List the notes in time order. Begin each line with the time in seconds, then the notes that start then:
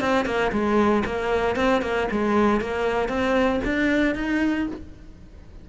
0.00 C4
0.25 A#3
0.52 G#3
1.06 A#3
1.56 C4
1.82 A#3
2.11 G#3
2.61 A#3
3.08 C4
3.64 D4
4.15 D#4